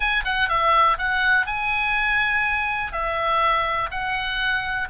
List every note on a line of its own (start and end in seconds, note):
0.00 0.22 G#5
0.25 0.48 F#5
0.48 0.97 E5
0.98 1.46 F#5
1.46 2.92 G#5
2.92 3.90 E5
3.90 4.88 F#5